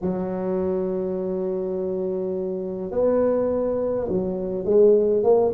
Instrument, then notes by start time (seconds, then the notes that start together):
tuba
0.01 F#3
2.91 B3
4.08 F#3
4.64 G#3
5.23 A#3